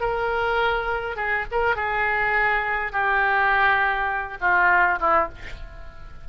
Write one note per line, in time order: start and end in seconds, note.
0.00 1.16 A#4
1.16 1.45 G#4
1.51 1.75 A#4
1.75 2.92 G#4
2.92 4.37 G4
4.40 4.99 F4
4.99 5.28 E4